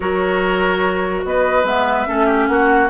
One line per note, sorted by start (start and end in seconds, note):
0.00 1.24 F#3
0.00 1.64 F#4
0.00 1.24 A#4
0.00 1.21 C#5
1.24 1.63 B3
1.24 2.08 B4
1.24 1.65 D#5
1.63 2.05 G#3
1.63 2.06 B3
1.63 2.47 E5
2.06 2.48 A3
2.06 2.89 C#4
2.06 2.26 A4
2.26 2.46 G4
2.47 2.90 A#3
2.47 2.90 F#4
2.47 2.89 F#5